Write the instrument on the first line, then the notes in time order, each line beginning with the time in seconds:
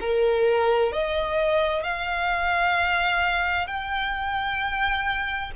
violin
0.00 A#4
0.92 D#5
1.84 F5
3.67 G5